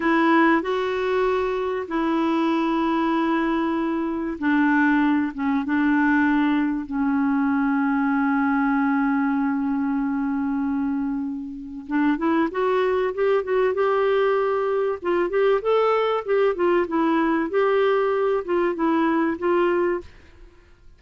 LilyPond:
\new Staff \with { instrumentName = "clarinet" } { \time 4/4 \tempo 4 = 96 e'4 fis'2 e'4~ | e'2. d'4~ | d'8 cis'8 d'2 cis'4~ | cis'1~ |
cis'2. d'8 e'8 | fis'4 g'8 fis'8 g'2 | f'8 g'8 a'4 g'8 f'8 e'4 | g'4. f'8 e'4 f'4 | }